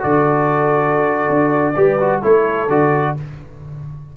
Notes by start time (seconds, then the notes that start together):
0.00 D3 F#4 A4 D5
1.29 D4
1.76 G3 G4 B4
2.00 F#4
2.20 A3 E4 A4 C#5
2.69 D3 F#4 D5